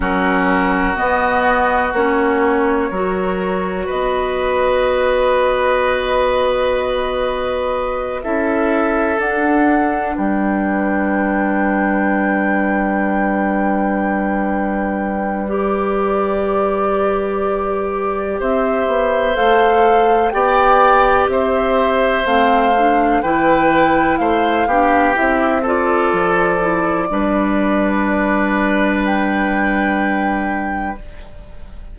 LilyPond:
<<
  \new Staff \with { instrumentName = "flute" } { \time 4/4 \tempo 4 = 62 ais'4 dis''4 cis''2 | dis''1~ | dis''8 e''4 fis''4 g''4.~ | g''1 |
d''2. e''4 | f''4 g''4 e''4 f''4 | g''4 f''4 e''8 d''4.~ | d''2 g''2 | }
  \new Staff \with { instrumentName = "oboe" } { \time 4/4 fis'2. ais'4 | b'1~ | b'8 a'2 b'4.~ | b'1~ |
b'2. c''4~ | c''4 d''4 c''2 | b'4 c''8 g'4 a'4. | b'1 | }
  \new Staff \with { instrumentName = "clarinet" } { \time 4/4 cis'4 b4 cis'4 fis'4~ | fis'1~ | fis'8 e'4 d'2~ d'8~ | d'1 |
g'1 | a'4 g'2 c'8 d'8 | e'4. d'8 e'8 f'4 e'8 | d'1 | }
  \new Staff \with { instrumentName = "bassoon" } { \time 4/4 fis4 b4 ais4 fis4 | b1~ | b8 cis'4 d'4 g4.~ | g1~ |
g2. c'8 b8 | a4 b4 c'4 a4 | e4 a8 b8 c'4 f4 | g1 | }
>>